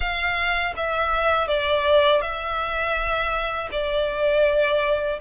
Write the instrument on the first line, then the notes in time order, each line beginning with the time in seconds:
violin
0.00 F5
0.76 E5
1.47 D5
2.21 E5
3.71 D5